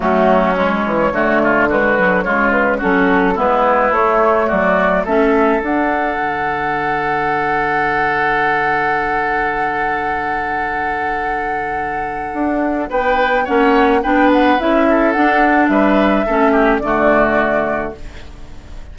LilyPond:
<<
  \new Staff \with { instrumentName = "flute" } { \time 4/4 \tempo 4 = 107 fis'4 cis''2 b'4 | cis''8 b'8 a'4 b'4 cis''4 | d''4 e''4 fis''2~ | fis''1~ |
fis''1~ | fis''2. g''4 | fis''4 g''8 fis''8 e''4 fis''4 | e''2 d''2 | }
  \new Staff \with { instrumentName = "oboe" } { \time 4/4 cis'2 fis'8 f'8 fis'4 | f'4 fis'4 e'2 | fis'4 a'2.~ | a'1~ |
a'1~ | a'2. b'4 | cis''4 b'4. a'4. | b'4 a'8 g'8 fis'2 | }
  \new Staff \with { instrumentName = "clarinet" } { \time 4/4 a4 gis4 a4 gis8 fis8 | gis4 cis'4 b4 a4~ | a4 cis'4 d'2~ | d'1~ |
d'1~ | d'1 | cis'4 d'4 e'4 d'4~ | d'4 cis'4 a2 | }
  \new Staff \with { instrumentName = "bassoon" } { \time 4/4 fis4. e8 d2 | cis4 fis4 gis4 a4 | fis4 a4 d'4 d4~ | d1~ |
d1~ | d2 d'4 b4 | ais4 b4 cis'4 d'4 | g4 a4 d2 | }
>>